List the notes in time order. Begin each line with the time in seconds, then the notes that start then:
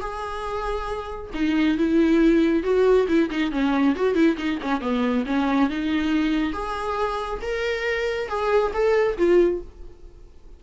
0.00 G#4
1.34 D#4
1.77 E4
2.63 F#4
3.07 E4
3.30 D#4
3.51 C#4
3.95 F#4
4.14 E4
4.37 D#4
4.61 C#4
4.80 B3
5.26 C#4
5.69 D#4
6.53 G#4
7.41 A#4
8.28 G#4
8.73 A4
9.17 F4